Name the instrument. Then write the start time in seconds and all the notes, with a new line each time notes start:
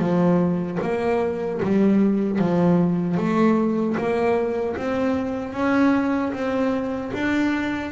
double bass
0.00 F3
0.83 A#3
1.63 G3
2.39 F3
3.18 A3
3.98 A#3
4.77 C4
5.54 C#4
6.33 C4
7.14 D4